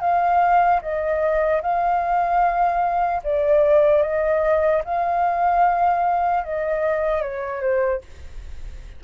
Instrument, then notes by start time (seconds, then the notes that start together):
flute
0.00 F5
0.81 D#5
1.62 F5
3.23 D5
4.02 D#5
4.84 F5
6.44 D#5
7.21 C#5
7.61 C5